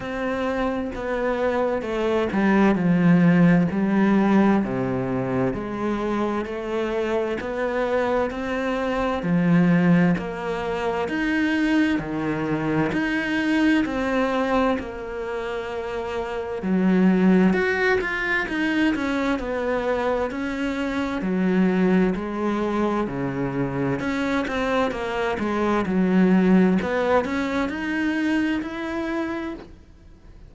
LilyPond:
\new Staff \with { instrumentName = "cello" } { \time 4/4 \tempo 4 = 65 c'4 b4 a8 g8 f4 | g4 c4 gis4 a4 | b4 c'4 f4 ais4 | dis'4 dis4 dis'4 c'4 |
ais2 fis4 fis'8 f'8 | dis'8 cis'8 b4 cis'4 fis4 | gis4 cis4 cis'8 c'8 ais8 gis8 | fis4 b8 cis'8 dis'4 e'4 | }